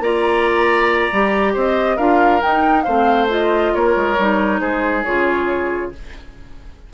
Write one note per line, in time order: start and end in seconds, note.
0.00 1.09 A#3
0.00 1.13 F4
0.00 1.54 D5
0.00 1.56 A#5
1.13 1.56 G3
1.13 1.99 G4
1.54 1.98 C4
1.54 1.97 C5
1.54 1.98 D#5
1.97 2.42 D4
1.97 2.41 F4
1.97 2.84 A#4
1.97 2.42 F5
2.41 2.85 D#4
2.41 2.87 D#4
2.41 2.83 G5
2.83 3.75 A3
2.83 3.29 C4
2.83 3.72 C5
2.83 3.26 F5
3.29 4.17 F4
3.29 3.75 D#5
3.75 3.96 A#3
3.75 4.61 A#4
3.75 4.61 C#5
3.96 4.18 G#3
4.19 4.61 G3
4.19 5.06 D#4
4.61 5.05 G#3
4.61 5.92 G#4
4.61 5.04 C5
5.04 5.94 C#3
5.04 5.93 F4
5.04 5.92 C#5